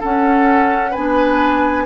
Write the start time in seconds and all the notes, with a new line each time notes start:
0.00 C#4 A4 F#5
0.91 B3 D4 B4 G#5